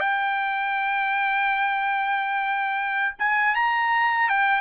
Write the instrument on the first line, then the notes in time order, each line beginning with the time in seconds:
trumpet
0.00 G5
3.19 G#5
3.55 A#5
4.29 G5